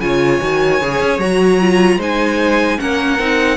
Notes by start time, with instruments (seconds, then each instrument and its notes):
0.00 cello C#3, viola F4, violin C#5 G#5
0.42 cello D#3, viola F#4
0.82 cello C#3, viola G#4
1.01 cello C#4
1.19 cello F#3, viola F#4, violin A#5
1.61 viola F4
1.98 cello G#3, viola D#4, violin C5 G#5
2.78 cello A#3, viola C#4, violin A#4 F#5
3.19 cello C4, viola D#4